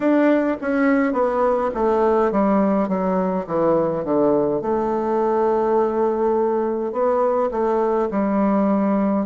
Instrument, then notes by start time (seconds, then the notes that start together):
bassoon
0.00 D4
0.61 C#4
1.13 B3
1.74 A3
2.31 G3
2.88 F#3
3.46 E3
4.04 D3
4.61 A3
6.92 B3
7.51 A3
8.11 G3